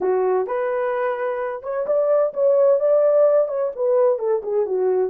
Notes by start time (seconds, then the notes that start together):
0.00 F#4
0.47 B4
1.62 C#5
1.86 D5
2.33 C#5
2.79 D5
3.48 C#5
3.75 B4
4.18 A4
4.42 G#4
4.66 F#4